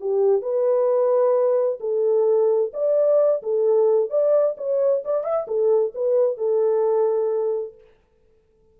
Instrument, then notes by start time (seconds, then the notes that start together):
horn
0.00 G4
0.42 B4
1.80 A4
2.73 D5
3.42 A4
4.10 D5
4.57 C#5
5.04 D5
5.24 E5
5.47 A4
5.95 B4
6.37 A4